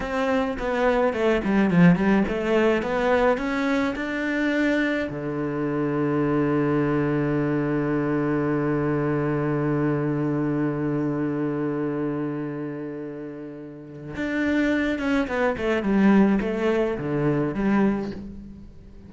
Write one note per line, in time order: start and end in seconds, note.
0.00 0.57 C4
0.58 1.13 B3
1.13 1.41 A3
1.44 1.70 G3
1.70 1.95 F3
1.95 2.23 G3
2.28 2.82 A3
2.82 3.37 B3
3.37 3.94 C#4
3.95 5.08 D4
5.09 14.15 D3
14.16 14.98 D4
14.98 15.27 C#4
15.27 15.55 B3
15.57 15.82 A3
15.82 16.39 G3
16.40 16.97 A3
16.98 17.54 D3
17.54 18.11 G3